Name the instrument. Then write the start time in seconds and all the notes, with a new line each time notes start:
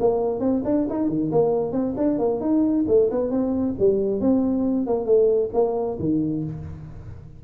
tuba
0.00 A#3
0.40 C4
0.65 D4
0.89 D#4
1.09 D#3
1.32 A#3
1.72 C4
1.97 D4
2.19 A#3
2.41 D#4
2.88 A3
3.11 B3
3.31 C4
3.79 G3
4.21 C4
4.87 A#3
5.06 A3
5.54 A#3
6.00 D#3